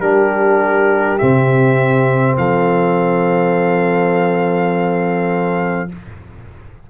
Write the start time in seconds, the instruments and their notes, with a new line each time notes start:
0.00 tuba G3, trombone D4, horn G4, trumpet A#4
1.18 tuba C3, trombone C4, trumpet E5
2.38 tuba F3, horn A4, trumpet F5